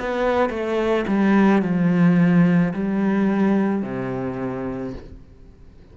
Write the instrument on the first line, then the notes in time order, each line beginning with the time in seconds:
cello
0.00 B3
0.50 A3
1.08 G3
1.63 F3
2.74 G3
3.83 C3